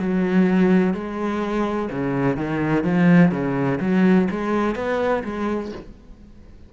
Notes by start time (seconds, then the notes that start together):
0.00 F#3
0.94 G#3
1.91 C#3
2.37 D#3
2.84 F3
3.32 C#3
3.81 F#3
4.31 G#3
4.76 B3
5.24 G#3